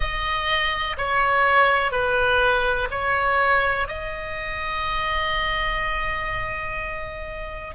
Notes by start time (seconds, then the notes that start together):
0.00 D#5
0.97 C#5
1.91 B4
2.90 C#5
3.88 D#5